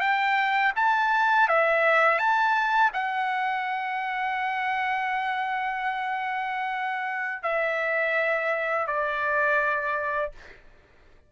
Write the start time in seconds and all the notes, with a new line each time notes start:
0.00 G5
0.76 A5
1.48 E5
2.19 A5
2.93 F#5
7.42 E5
8.87 D5